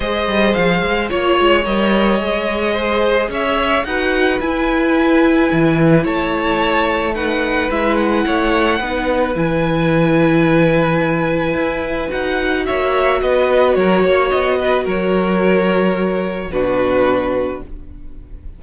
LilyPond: <<
  \new Staff \with { instrumentName = "violin" } { \time 4/4 \tempo 4 = 109 dis''4 f''4 cis''4 dis''4~ | dis''2 e''4 fis''4 | gis''2. a''4~ | a''4 fis''4 e''8 fis''4.~ |
fis''4 gis''2.~ | gis''2 fis''4 e''4 | dis''4 cis''4 dis''4 cis''4~ | cis''2 b'2 | }
  \new Staff \with { instrumentName = "violin" } { \time 4/4 c''2 cis''2~ | cis''4 c''4 cis''4 b'4~ | b'2. cis''4~ | cis''4 b'2 cis''4 |
b'1~ | b'2. cis''4 | b'4 ais'8 cis''4 b'8 ais'4~ | ais'2 fis'2 | }
  \new Staff \with { instrumentName = "viola" } { \time 4/4 gis'2 f'4 ais'4 | gis'2. fis'4 | e'1~ | e'4 dis'4 e'2 |
dis'4 e'2.~ | e'2 fis'2~ | fis'1~ | fis'2 d'2 | }
  \new Staff \with { instrumentName = "cello" } { \time 4/4 gis8 g8 f8 gis8 ais8 gis8 g4 | gis2 cis'4 dis'4 | e'2 e4 a4~ | a2 gis4 a4 |
b4 e2.~ | e4 e'4 dis'4 ais4 | b4 fis8 ais8 b4 fis4~ | fis2 b,2 | }
>>